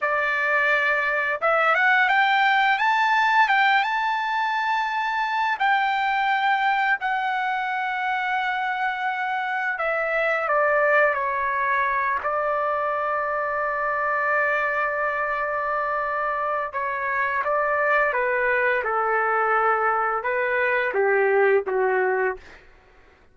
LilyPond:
\new Staff \with { instrumentName = "trumpet" } { \time 4/4 \tempo 4 = 86 d''2 e''8 fis''8 g''4 | a''4 g''8 a''2~ a''8 | g''2 fis''2~ | fis''2 e''4 d''4 |
cis''4. d''2~ d''8~ | d''1 | cis''4 d''4 b'4 a'4~ | a'4 b'4 g'4 fis'4 | }